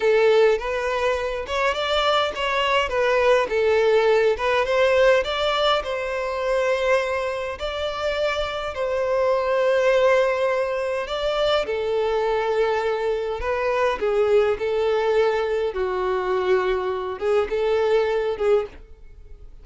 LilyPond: \new Staff \with { instrumentName = "violin" } { \time 4/4 \tempo 4 = 103 a'4 b'4. cis''8 d''4 | cis''4 b'4 a'4. b'8 | c''4 d''4 c''2~ | c''4 d''2 c''4~ |
c''2. d''4 | a'2. b'4 | gis'4 a'2 fis'4~ | fis'4. gis'8 a'4. gis'8 | }